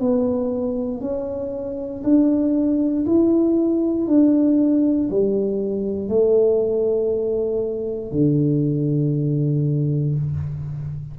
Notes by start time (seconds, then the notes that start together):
0.00 B3
1.01 C#4
2.04 D4
3.06 E4
4.08 D4
5.10 G3
6.09 A3
8.12 D3